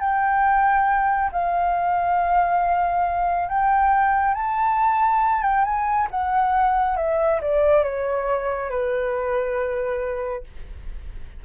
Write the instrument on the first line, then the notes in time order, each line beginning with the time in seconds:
flute
0.00 G5
1.32 F5
3.49 G5
4.34 A5
5.43 G5
5.64 G#5
6.11 F#5
6.97 E5
7.42 D5
7.83 C#5
8.70 B4